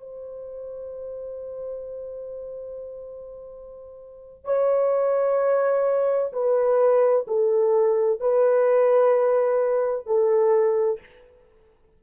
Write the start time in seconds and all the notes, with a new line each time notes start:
0.00 C5
4.44 C#5
6.32 B4
7.27 A4
8.20 B4
10.06 A4